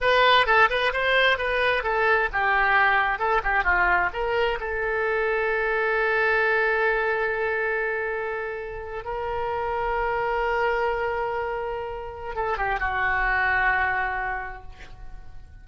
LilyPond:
\new Staff \with { instrumentName = "oboe" } { \time 4/4 \tempo 4 = 131 b'4 a'8 b'8 c''4 b'4 | a'4 g'2 a'8 g'8 | f'4 ais'4 a'2~ | a'1~ |
a'2.~ a'8. ais'16~ | ais'1~ | ais'2. a'8 g'8 | fis'1 | }